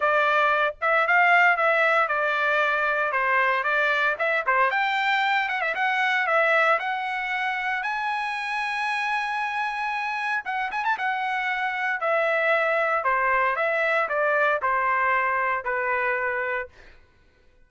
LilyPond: \new Staff \with { instrumentName = "trumpet" } { \time 4/4 \tempo 4 = 115 d''4. e''8 f''4 e''4 | d''2 c''4 d''4 | e''8 c''8 g''4. fis''16 e''16 fis''4 | e''4 fis''2 gis''4~ |
gis''1 | fis''8 gis''16 a''16 fis''2 e''4~ | e''4 c''4 e''4 d''4 | c''2 b'2 | }